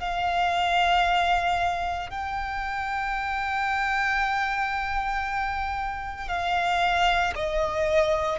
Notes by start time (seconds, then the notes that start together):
0.00 F5
2.10 G5
6.28 F5
7.35 D#5